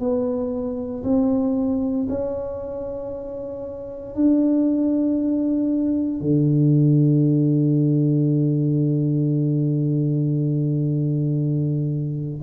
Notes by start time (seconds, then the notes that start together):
0.00 B3
1.04 C4
2.09 C#4
4.15 D4
6.21 D3